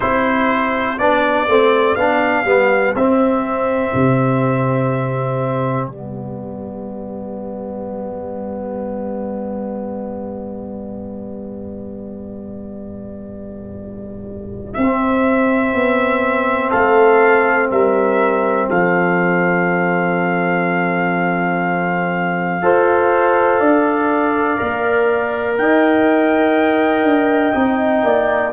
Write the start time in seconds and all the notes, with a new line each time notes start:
0.00 C4 E4 G4 C5
0.98 B3 D4 D5
1.47 A3 C4
1.95 B3 D4 F5
2.44 G3 B3
2.95 C4 E5
3.94 C3
5.87 G3 B3 D5
14.73 C4 E5
15.73 B3
16.70 A3 A4 F5
17.70 G3 A#4 E5
18.69 F3 A4 F5
22.62 F4 A4 C5
23.59 D4 D5
24.57 A#3 A#4
25.57 D#4 D#5 G5
27.03 D4
27.54 C4 D#4
28.03 A#3 D5